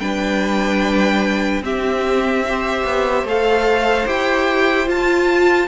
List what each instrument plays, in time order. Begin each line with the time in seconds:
0.00 cello G3, viola D4, violin B4 G5
1.61 cello C4, viola C4, violin G4 E5
2.46 viola G4, violin C5
2.84 cello B3
3.24 cello A3, viola A4, violin F5
4.07 cello E4, viola G4, violin G5
4.86 viola F4, cello F4, violin A5